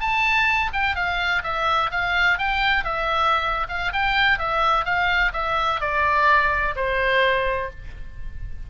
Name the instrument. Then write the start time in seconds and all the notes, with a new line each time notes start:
oboe
0.00 A5
0.73 G5
0.95 F5
1.43 E5
1.91 F5
2.38 G5
2.84 E5
3.68 F5
3.92 G5
4.38 E5
4.84 F5
5.33 E5
5.80 D5
6.75 C5